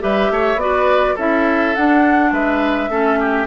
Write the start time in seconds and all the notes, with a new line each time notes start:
0.00 G3 G4 B4 E5
0.31 A3 C#5
0.55 B3 F#4 D5
0.62 B4
1.15 C#4 E4 A4 E5
1.75 D4 F#5
2.31 G#3 B4 E5
2.89 A3 C#4 A4
3.20 G4